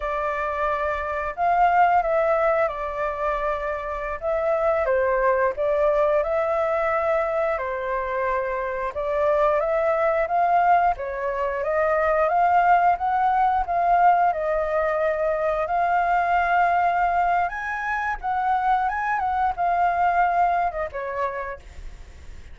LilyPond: \new Staff \with { instrumentName = "flute" } { \time 4/4 \tempo 4 = 89 d''2 f''4 e''4 | d''2~ d''16 e''4 c''8.~ | c''16 d''4 e''2 c''8.~ | c''4~ c''16 d''4 e''4 f''8.~ |
f''16 cis''4 dis''4 f''4 fis''8.~ | fis''16 f''4 dis''2 f''8.~ | f''2 gis''4 fis''4 | gis''8 fis''8 f''4.~ f''16 dis''16 cis''4 | }